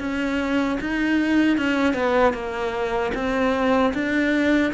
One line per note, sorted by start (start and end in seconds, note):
0.00 0.79 C#4
0.81 1.58 D#4
1.58 1.94 C#4
1.94 2.34 B3
2.34 3.13 A#3
3.15 3.94 C4
3.94 4.73 D4